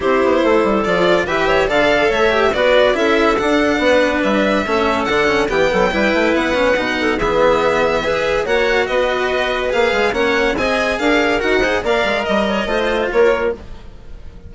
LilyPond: <<
  \new Staff \with { instrumentName = "violin" } { \time 4/4 \tempo 4 = 142 c''2 d''4 e''4 | f''4 e''4 d''4 e''4 | fis''2 e''2 | fis''4 g''2 fis''4~ |
fis''4 e''2. | fis''4 dis''2 f''4 | fis''4 gis''4 f''4 fis''4 | f''4 dis''2 cis''4 | }
  \new Staff \with { instrumentName = "clarinet" } { \time 4/4 g'4 a'2 b'8 cis''8 | d''4 cis''4 b'4 a'4~ | a'4 b'2 a'4~ | a'4 g'8 a'8 b'2~ |
b'8 a'8 gis'2 b'4 | cis''4 b'2. | cis''4 dis''4 ais'4. c''8 | d''4 dis''8 cis''8 c''4 ais'4 | }
  \new Staff \with { instrumentName = "cello" } { \time 4/4 e'2 f'4 g'4 | a'4. g'8 fis'4 e'4 | d'2. cis'4 | d'8 cis'8 b4 e'4. cis'8 |
dis'4 b2 gis'4 | fis'2. gis'4 | cis'4 gis'2 fis'8 gis'8 | ais'2 f'2 | }
  \new Staff \with { instrumentName = "bassoon" } { \time 4/4 c'8 b8 a8 g8 f4 e4 | d4 a4 b4 cis'4 | d'4 b4 g4 a4 | d4 e8 fis8 g8 a8 b4 |
b,4 e2. | ais4 b2 ais8 gis8 | ais4 c'4 d'4 dis'4 | ais8 gis8 g4 a4 ais4 | }
>>